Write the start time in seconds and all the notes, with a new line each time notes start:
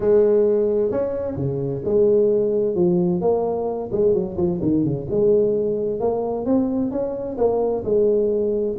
0.00 G#3
0.91 C#4
1.36 C#3
1.84 G#3
2.75 F3
3.21 A#3
3.92 G#3
4.13 F#3
4.37 F3
4.62 D#3
4.84 C#3
5.10 G#3
6.00 A#3
6.45 C4
6.91 C#4
7.37 A#3
7.84 G#3